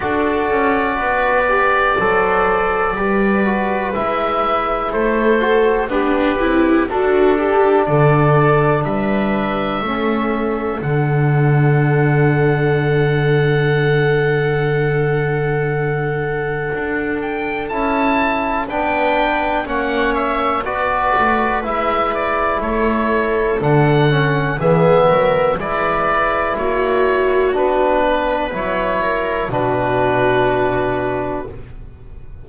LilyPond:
<<
  \new Staff \with { instrumentName = "oboe" } { \time 4/4 \tempo 4 = 61 d''1 | e''4 c''4 b'4 a'4 | d''4 e''2 fis''4~ | fis''1~ |
fis''4. g''8 a''4 g''4 | fis''8 e''8 d''4 e''8 d''8 cis''4 | fis''4 e''4 d''4 cis''4 | b'4 cis''4 b'2 | }
  \new Staff \with { instrumentName = "viola" } { \time 4/4 a'4 b'4 c''4 b'4~ | b'4 a'4 d'8 e'8 fis'8 g'8 | a'4 b'4 a'2~ | a'1~ |
a'2. b'4 | cis''4 b'2 a'4~ | a'4 gis'8 ais'8 b'4 fis'4~ | fis'8 b'4 ais'8 fis'2 | }
  \new Staff \with { instrumentName = "trombone" } { \time 4/4 fis'4. g'8 a'4 g'8 fis'8 | e'4. fis'8 g'4 d'4~ | d'2 cis'4 d'4~ | d'1~ |
d'2 e'4 d'4 | cis'4 fis'4 e'2 | d'8 cis'8 b4 e'2 | d'4 e'4 d'2 | }
  \new Staff \with { instrumentName = "double bass" } { \time 4/4 d'8 cis'8 b4 fis4 g4 | gis4 a4 b8 c'8 d'4 | d4 g4 a4 d4~ | d1~ |
d4 d'4 cis'4 b4 | ais4 b8 a8 gis4 a4 | d4 e8 fis8 gis4 ais4 | b4 fis4 b,2 | }
>>